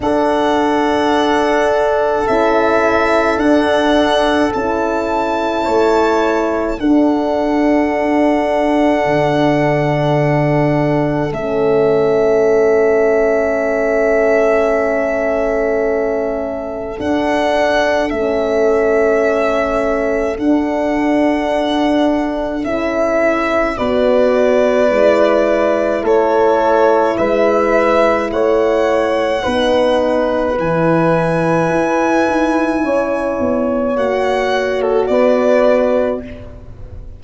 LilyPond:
<<
  \new Staff \with { instrumentName = "violin" } { \time 4/4 \tempo 4 = 53 fis''2 e''4 fis''4 | a''2 fis''2~ | fis''2 e''2~ | e''2. fis''4 |
e''2 fis''2 | e''4 d''2 cis''4 | e''4 fis''2 gis''4~ | gis''2 fis''8. a'16 d''4 | }
  \new Staff \with { instrumentName = "horn" } { \time 4/4 a'1~ | a'4 cis''4 a'2~ | a'1~ | a'1~ |
a'1~ | a'4 b'2 a'4 | b'4 cis''4 b'2~ | b'4 cis''2 b'4 | }
  \new Staff \with { instrumentName = "horn" } { \time 4/4 d'2 e'4 d'4 | e'2 d'2~ | d'2 cis'2~ | cis'2. d'4 |
cis'2 d'2 | e'4 fis'4 e'2~ | e'2 dis'4 e'4~ | e'2 fis'2 | }
  \new Staff \with { instrumentName = "tuba" } { \time 4/4 d'2 cis'4 d'4 | cis'4 a4 d'2 | d2 a2~ | a2. d'4 |
a2 d'2 | cis'4 b4 gis4 a4 | gis4 a4 b4 e4 | e'8 dis'8 cis'8 b8 ais4 b4 | }
>>